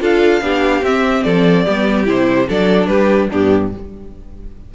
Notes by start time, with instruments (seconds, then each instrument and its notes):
0.00 cello D4, viola F4, violin A4 F5
0.41 cello B3, viola D4, violin G4
0.82 cello C4, viola C4, violin E5
1.23 cello F3, violin A4 D5
1.65 cello G3, viola B3, violin G4
2.05 cello C3, viola E4, violin C5
2.48 cello F#3, viola D4, violin A4 D5
2.87 cello G3, violin G4 B4
3.30 cello G2, viola B3, violin D4 G4